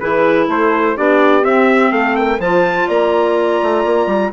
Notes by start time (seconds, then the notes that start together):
0.00 E3 E4 G#4 B4
0.48 A3 A4 C5
0.97 B3 D4 G4 D5
1.42 C4 E5
1.92 A3 A4 F5
2.16 A#4 G5
2.39 F3 F4 C5 A5
2.88 A#3 D5 A#5
3.63 A3
3.85 A#3
4.07 G3